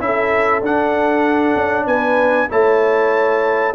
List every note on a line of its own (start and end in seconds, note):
0.00 0.62 C#4
0.00 0.62 E4
0.00 1.86 A4
0.00 0.63 E5
0.62 1.54 D4
0.62 2.49 D4
0.62 1.87 F#5
1.55 1.86 C#4
1.86 2.48 B3
1.86 2.47 B4
1.86 2.48 G#5
2.49 3.74 A3
2.49 3.73 E4
2.49 3.74 C#5
2.49 3.74 A5